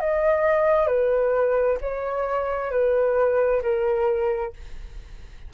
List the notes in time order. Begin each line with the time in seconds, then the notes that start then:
0.00 D#5
0.87 B4
1.81 C#5
2.71 B4
3.62 A#4